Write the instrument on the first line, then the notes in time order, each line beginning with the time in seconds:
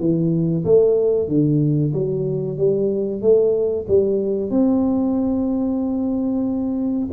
tuba
0.00 E3
0.65 A3
1.29 D3
1.94 F#3
2.58 G3
3.22 A3
3.89 G3
4.51 C4